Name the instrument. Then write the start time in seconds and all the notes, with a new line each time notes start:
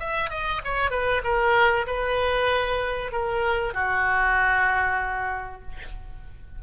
oboe
0.00 E5
0.31 D#5
0.65 C#5
0.91 B4
1.24 A#4
1.87 B4
3.12 A#4
3.74 F#4